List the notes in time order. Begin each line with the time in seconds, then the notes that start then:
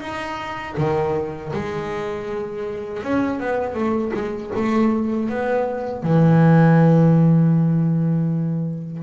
0.00 D#4
0.77 D#3
1.52 G#3
3.03 C#4
3.40 B3
3.74 A3
4.13 G#3
4.55 A3
5.29 B3
6.03 E3